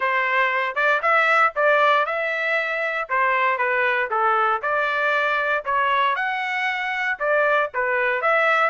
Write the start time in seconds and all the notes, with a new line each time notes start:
0.00 C5
0.75 D5
1.02 E5
1.55 D5
2.05 E5
3.09 C5
3.58 B4
4.10 A4
4.62 D5
5.64 C#5
6.15 F#5
7.19 D5
7.74 B4
8.21 E5